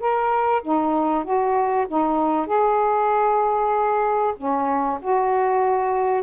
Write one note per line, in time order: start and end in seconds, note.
0.00 0.62 A#4
0.63 1.24 D#4
1.24 1.87 F#4
1.88 2.47 D#4
2.47 4.35 G#4
4.38 5.00 C#4
5.02 6.23 F#4